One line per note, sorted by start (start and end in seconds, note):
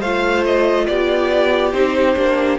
0.00 0.87 A3
0.00 1.73 F4
0.00 0.86 C5
0.00 0.44 F5
0.45 0.87 D#5
0.87 1.73 B3
0.87 2.58 G4
0.87 1.72 D5
1.72 2.16 C4
1.72 2.16 D#4
1.72 2.58 C5
2.16 2.58 A#3
2.16 2.58 D4